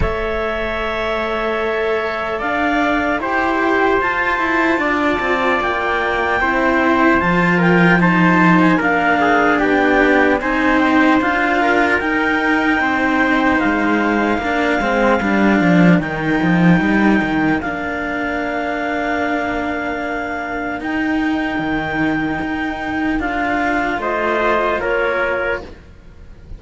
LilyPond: <<
  \new Staff \with { instrumentName = "clarinet" } { \time 4/4 \tempo 4 = 75 e''2. f''4 | g''4 a''2 g''4~ | g''4 a''8 g''8 a''8. gis''16 f''4 | g''4 gis''8 g''8 f''4 g''4~ |
g''4 f''2. | g''2 f''2~ | f''2 g''2~ | g''4 f''4 dis''4 cis''4 | }
  \new Staff \with { instrumentName = "trumpet" } { \time 4/4 cis''2. d''4 | c''2 d''2 | c''4. ais'8 c''4 ais'8 gis'8 | g'4 c''4. ais'4. |
c''2 ais'2~ | ais'1~ | ais'1~ | ais'2 c''4 ais'4 | }
  \new Staff \with { instrumentName = "cello" } { \time 4/4 a'1 | g'4 f'2. | e'4 f'4 dis'4 d'4~ | d'4 dis'4 f'4 dis'4~ |
dis'2 d'8 c'8 d'4 | dis'2 d'2~ | d'2 dis'2~ | dis'4 f'2. | }
  \new Staff \with { instrumentName = "cello" } { \time 4/4 a2. d'4 | e'4 f'8 e'8 d'8 c'8 ais4 | c'4 f2 ais4 | b4 c'4 d'4 dis'4 |
c'4 gis4 ais8 gis8 g8 f8 | dis8 f8 g8 dis8 ais2~ | ais2 dis'4 dis4 | dis'4 d'4 a4 ais4 | }
>>